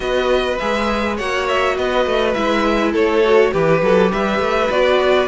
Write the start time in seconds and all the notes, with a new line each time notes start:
0.00 B3 F#4 B4 D#5
0.57 G#3 G#4 E5
1.17 A#3 F#4 C#5 F#5
1.48 E5
1.77 B3 B4 D#5
2.05 A3
2.33 G#3 E4 E5
2.92 A3 A4 C#5
3.24 F#4
3.52 E3 G4 B4
3.82 F#3 A4
4.11 G3 B4 E5
4.39 A3
4.70 B3 F#4 D5